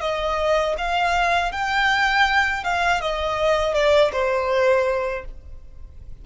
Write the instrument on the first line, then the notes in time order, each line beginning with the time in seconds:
violin
0.00 D#5
0.77 F5
1.51 G5
2.64 F5
3.01 D#5
3.74 D5
4.12 C5